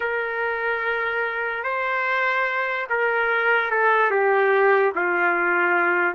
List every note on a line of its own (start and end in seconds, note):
0.00 1.63 A#4
1.63 2.87 C5
2.89 3.70 A#4
3.70 4.10 A4
4.10 4.92 G4
4.95 6.14 F4